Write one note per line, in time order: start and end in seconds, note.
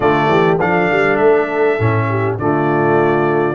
0.00 0.27 D3
0.00 0.59 A3
0.00 0.27 F4
0.00 0.57 D5
0.27 0.57 E3
0.27 0.60 G4
0.60 0.90 F3
0.60 1.79 D4
0.60 2.08 A4
0.60 1.16 F5
0.90 1.19 G3
1.16 1.78 A3
1.16 2.35 E5
1.78 2.38 A2
1.78 2.38 C#4
2.08 2.38 G4
2.38 3.54 D3
2.38 3.54 A3
2.38 3.54 F4
2.38 3.54 D5